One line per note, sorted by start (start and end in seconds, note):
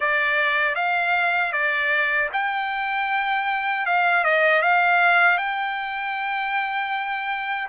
0.00 0.75 D5
0.75 1.52 F5
1.52 2.29 D5
2.33 3.86 G5
3.86 4.23 F5
4.23 4.62 D#5
4.62 5.37 F5
5.37 7.68 G5